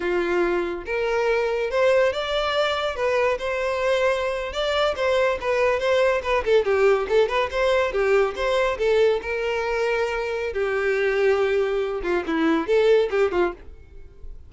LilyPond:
\new Staff \with { instrumentName = "violin" } { \time 4/4 \tempo 4 = 142 f'2 ais'2 | c''4 d''2 b'4 | c''2~ c''8. d''4 c''16~ | c''8. b'4 c''4 b'8 a'8 g'16~ |
g'8. a'8 b'8 c''4 g'4 c''16~ | c''8. a'4 ais'2~ ais'16~ | ais'4 g'2.~ | g'8 f'8 e'4 a'4 g'8 f'8 | }